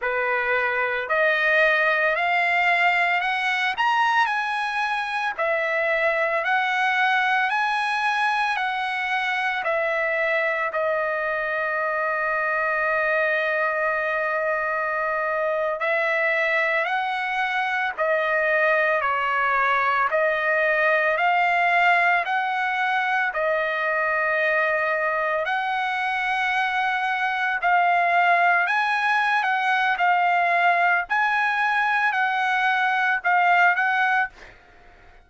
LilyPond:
\new Staff \with { instrumentName = "trumpet" } { \time 4/4 \tempo 4 = 56 b'4 dis''4 f''4 fis''8 ais''8 | gis''4 e''4 fis''4 gis''4 | fis''4 e''4 dis''2~ | dis''2~ dis''8. e''4 fis''16~ |
fis''8. dis''4 cis''4 dis''4 f''16~ | f''8. fis''4 dis''2 fis''16~ | fis''4.~ fis''16 f''4 gis''8. fis''8 | f''4 gis''4 fis''4 f''8 fis''8 | }